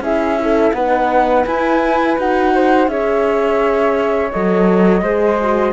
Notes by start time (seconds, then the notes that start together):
0.00 C#4 E4 G#4 E5
0.39 E4 A4
0.73 B3 D#4 B4 F#5
1.46 E4 G#5
2.17 D#4 F#4 F#5
2.55 C5
2.88 C#4 G#4 C#5 E5
4.32 F#3 A4 D#5
5.02 G#3 G#4 C5
5.41 F#4